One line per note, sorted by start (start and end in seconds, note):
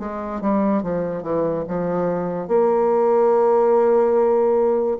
0.00 0.41 G#3
0.41 0.83 G3
0.83 1.23 F3
1.23 1.64 E3
1.68 2.48 F3
2.48 4.98 A#3